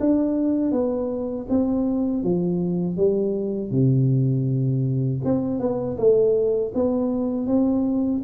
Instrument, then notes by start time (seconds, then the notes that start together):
tuba
0.00 D4
0.72 B3
1.50 C4
2.23 F3
2.97 G3
3.71 C3
5.25 C4
5.60 B3
5.98 A3
6.75 B3
7.47 C4